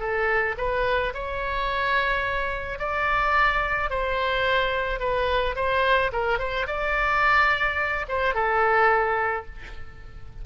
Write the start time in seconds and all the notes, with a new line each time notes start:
0.00 A4
0.58 B4
1.14 C#5
2.79 D5
3.90 C5
5.00 B4
5.56 C5
6.13 A#4
6.39 C5
6.67 D5
8.09 C5
8.35 A4